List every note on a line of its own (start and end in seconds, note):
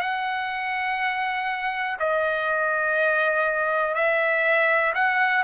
0.00 1.97 F#5
1.99 3.94 D#5
3.94 4.93 E5
4.94 5.43 F#5